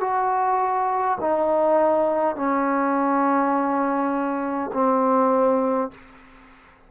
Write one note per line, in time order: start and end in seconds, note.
0.00 1.18 F#4
1.20 2.35 D#4
2.35 4.71 C#4
4.73 5.91 C4